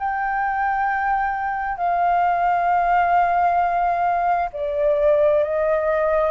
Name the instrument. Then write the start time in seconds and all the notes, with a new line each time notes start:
flute
0.00 G5
1.78 F5
4.53 D5
5.44 D#5